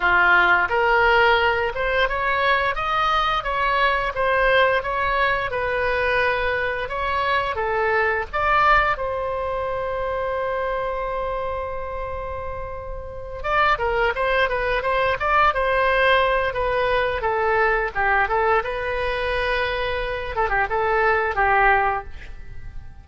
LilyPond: \new Staff \with { instrumentName = "oboe" } { \time 4/4 \tempo 4 = 87 f'4 ais'4. c''8 cis''4 | dis''4 cis''4 c''4 cis''4 | b'2 cis''4 a'4 | d''4 c''2.~ |
c''2.~ c''8 d''8 | ais'8 c''8 b'8 c''8 d''8 c''4. | b'4 a'4 g'8 a'8 b'4~ | b'4. a'16 g'16 a'4 g'4 | }